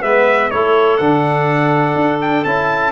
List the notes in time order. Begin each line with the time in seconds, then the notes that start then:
0.00 G#3 B3 B4 E5
0.50 A3 E4 A4 C#5
0.97 D3 D4 F#5
1.95 D4
2.21 G5
2.44 C#4 E4 A5